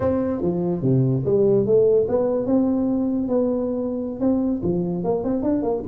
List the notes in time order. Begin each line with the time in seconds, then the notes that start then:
0.00 C4
0.41 F3
0.82 C3
1.25 G3
1.66 A3
2.08 B3
2.45 C4
3.28 B3
4.20 C4
4.63 F3
5.03 A#3
5.24 C4
5.42 D4
5.62 A#3